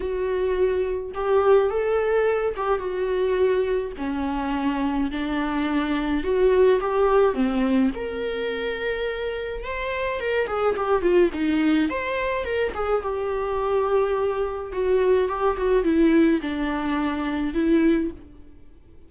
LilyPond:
\new Staff \with { instrumentName = "viola" } { \time 4/4 \tempo 4 = 106 fis'2 g'4 a'4~ | a'8 g'8 fis'2 cis'4~ | cis'4 d'2 fis'4 | g'4 c'4 ais'2~ |
ais'4 c''4 ais'8 gis'8 g'8 f'8 | dis'4 c''4 ais'8 gis'8 g'4~ | g'2 fis'4 g'8 fis'8 | e'4 d'2 e'4 | }